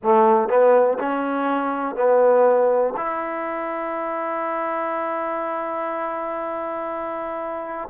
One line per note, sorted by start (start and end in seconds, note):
0.02 0.48 A3
0.48 0.97 B3
0.98 1.95 C#4
1.95 2.93 B3
2.96 7.88 E4